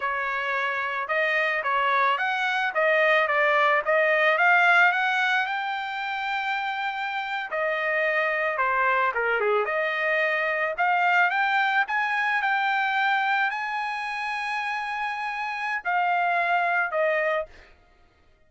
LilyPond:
\new Staff \with { instrumentName = "trumpet" } { \time 4/4 \tempo 4 = 110 cis''2 dis''4 cis''4 | fis''4 dis''4 d''4 dis''4 | f''4 fis''4 g''2~ | g''4.~ g''16 dis''2 c''16~ |
c''8. ais'8 gis'8 dis''2 f''16~ | f''8. g''4 gis''4 g''4~ g''16~ | g''8. gis''2.~ gis''16~ | gis''4 f''2 dis''4 | }